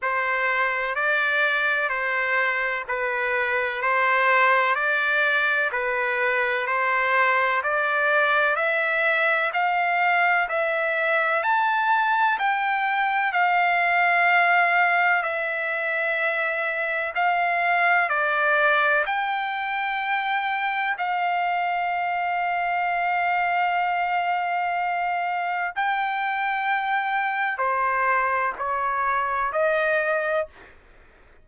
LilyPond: \new Staff \with { instrumentName = "trumpet" } { \time 4/4 \tempo 4 = 63 c''4 d''4 c''4 b'4 | c''4 d''4 b'4 c''4 | d''4 e''4 f''4 e''4 | a''4 g''4 f''2 |
e''2 f''4 d''4 | g''2 f''2~ | f''2. g''4~ | g''4 c''4 cis''4 dis''4 | }